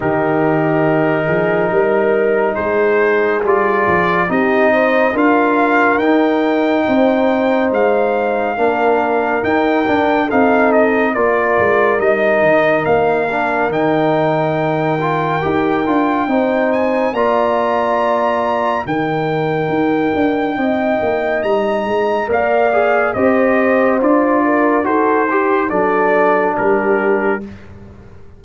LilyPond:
<<
  \new Staff \with { instrumentName = "trumpet" } { \time 4/4 \tempo 4 = 70 ais'2. c''4 | d''4 dis''4 f''4 g''4~ | g''4 f''2 g''4 | f''8 dis''8 d''4 dis''4 f''4 |
g''2.~ g''8 gis''8 | ais''2 g''2~ | g''4 ais''4 f''4 dis''4 | d''4 c''4 d''4 ais'4 | }
  \new Staff \with { instrumentName = "horn" } { \time 4/4 g'4. gis'8 ais'4 gis'4~ | gis'4 g'8 c''8 ais'2 | c''2 ais'2 | a'4 ais'2.~ |
ais'2. c''4 | d''2 ais'2 | dis''2 d''4 c''4~ | c''8 ais'8 a'8 g'8 a'4 g'4 | }
  \new Staff \with { instrumentName = "trombone" } { \time 4/4 dis'1 | f'4 dis'4 f'4 dis'4~ | dis'2 d'4 dis'8 d'8 | dis'4 f'4 dis'4. d'8 |
dis'4. f'8 g'8 f'8 dis'4 | f'2 dis'2~ | dis'2 ais'8 gis'8 g'4 | f'4 fis'8 g'8 d'2 | }
  \new Staff \with { instrumentName = "tuba" } { \time 4/4 dis4. f8 g4 gis4 | g8 f8 c'4 d'4 dis'4 | c'4 gis4 ais4 dis'8 d'8 | c'4 ais8 gis8 g8 dis8 ais4 |
dis2 dis'8 d'8 c'4 | ais2 dis4 dis'8 d'8 | c'8 ais8 g8 gis8 ais4 c'4 | d'4 dis'4 fis4 g4 | }
>>